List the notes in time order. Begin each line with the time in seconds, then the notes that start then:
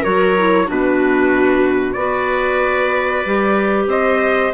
0.00 F#3 F#4 A#4 C#5
0.37 E4
0.66 B2 D4 F#4 B4
1.92 B3 F#4 D5
1.99 B4
3.25 G3 G4
3.86 C4 C5 D#5